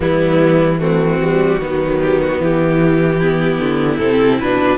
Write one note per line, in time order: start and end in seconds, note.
0.00 1.59 E3
0.00 0.79 G3
0.00 0.80 B3
0.00 0.79 E4
0.79 1.19 A3
0.79 1.60 C4
0.79 1.99 F#4
1.21 1.61 G3
1.60 2.40 D#3
1.60 2.39 F#3
1.60 3.19 B3
2.01 2.21 G4
2.21 2.41 F#4
2.39 3.19 E3
2.39 3.59 E3
2.39 3.98 G4
3.19 4.01 B3
3.19 4.78 E4
3.59 3.99 D3
3.98 4.39 C3
3.98 4.42 C4
3.98 4.38 A4
4.39 4.78 B2
4.39 4.78 D4
4.39 4.78 B4